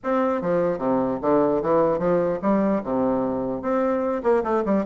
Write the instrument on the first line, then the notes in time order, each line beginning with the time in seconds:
bassoon
0.03 C4
0.41 F3
0.78 C3
1.21 D3
1.62 E3
1.98 F3
2.41 G3
2.83 C3
3.61 C4
4.23 A#3
4.43 A3
4.65 G3